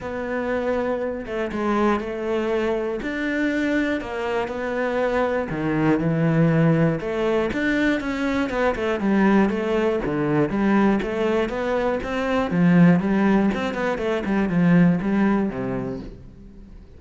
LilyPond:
\new Staff \with { instrumentName = "cello" } { \time 4/4 \tempo 4 = 120 b2~ b8 a8 gis4 | a2 d'2 | ais4 b2 dis4 | e2 a4 d'4 |
cis'4 b8 a8 g4 a4 | d4 g4 a4 b4 | c'4 f4 g4 c'8 b8 | a8 g8 f4 g4 c4 | }